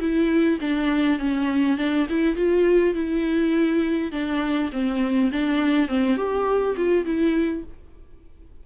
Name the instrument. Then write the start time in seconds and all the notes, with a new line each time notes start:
viola
0.00 E4
0.61 D4
1.19 C#4
1.78 D4
2.10 E4
2.36 F4
2.94 E4
4.12 D4
4.73 C4
5.32 D4
5.89 C4
6.17 G4
6.77 F4
7.05 E4